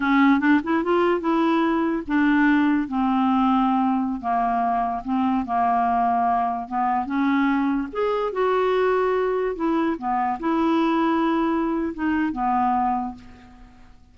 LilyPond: \new Staff \with { instrumentName = "clarinet" } { \time 4/4 \tempo 4 = 146 cis'4 d'8 e'8 f'4 e'4~ | e'4 d'2 c'4~ | c'2~ c'16 ais4.~ ais16~ | ais16 c'4 ais2~ ais8.~ |
ais16 b4 cis'2 gis'8.~ | gis'16 fis'2. e'8.~ | e'16 b4 e'2~ e'8.~ | e'4 dis'4 b2 | }